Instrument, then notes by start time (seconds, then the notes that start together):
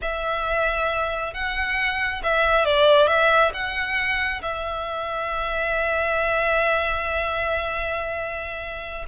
violin
0.01 E5
1.33 F#5
2.23 E5
2.65 D5
3.07 E5
3.53 F#5
4.42 E5